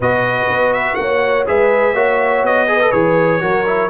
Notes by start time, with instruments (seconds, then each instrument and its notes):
0.00 tuba B2, trombone F#4, horn B4, trumpet D#5
0.48 tuba B3
0.73 trumpet E5
0.95 tuba A#3, horn C#5, trumpet F#5
1.46 tuba G#3, trombone G#4, horn B4, trumpet E5
1.93 tuba A#3, trombone F#4, horn C#5
2.43 tuba B3, trumpet D#5
2.67 trombone G#4, horn B4
2.80 trombone A4
2.91 tuba E3, trombone G#4, trumpet C#5
3.40 tuba F#3, trombone F#4, horn A#4
3.67 trombone E4